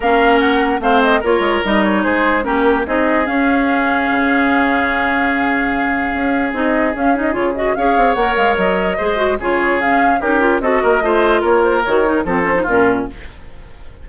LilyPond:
<<
  \new Staff \with { instrumentName = "flute" } { \time 4/4 \tempo 4 = 147 f''4 fis''4 f''8 dis''8 cis''4 | dis''8 cis''8 c''4 ais'4 dis''4 | f''1~ | f''1 |
dis''4 f''8 dis''8 cis''8 dis''8 f''4 | fis''8 f''8 dis''2 cis''4 | f''4 ais'4 dis''2 | cis''8 c''8 cis''4 c''4 ais'4 | }
  \new Staff \with { instrumentName = "oboe" } { \time 4/4 ais'2 c''4 ais'4~ | ais'4 gis'4 g'4 gis'4~ | gis'1~ | gis'1~ |
gis'2. cis''4~ | cis''2 c''4 gis'4~ | gis'4 g'4 a'8 ais'8 c''4 | ais'2 a'4 f'4 | }
  \new Staff \with { instrumentName = "clarinet" } { \time 4/4 cis'2 c'4 f'4 | dis'2 cis'4 dis'4 | cis'1~ | cis'1 |
dis'4 cis'8 dis'8 f'8 fis'8 gis'4 | ais'2 gis'8 fis'8 f'4 | cis'4 dis'8 f'8 fis'4 f'4~ | f'4 fis'8 dis'8 c'8 cis'16 dis'16 cis'4 | }
  \new Staff \with { instrumentName = "bassoon" } { \time 4/4 ais2 a4 ais8 gis8 | g4 gis4 ais4 c'4 | cis'2 cis2~ | cis2. cis'4 |
c'4 cis'4 cis4 cis'8 c'8 | ais8 gis8 fis4 gis4 cis4~ | cis4 cis'4 c'8 ais8 a4 | ais4 dis4 f4 ais,4 | }
>>